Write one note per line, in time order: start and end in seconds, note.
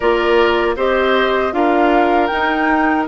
0.00 0.75 A#3
0.00 0.76 F4
0.00 0.75 A#4
0.00 0.75 D5
0.75 1.52 C4
0.75 1.52 G4
0.75 1.53 C5
0.75 1.53 D#5
1.52 2.29 D4
1.52 2.29 F4
1.52 3.07 A#4
1.52 2.26 F5
2.26 3.07 D#4
2.26 3.03 G5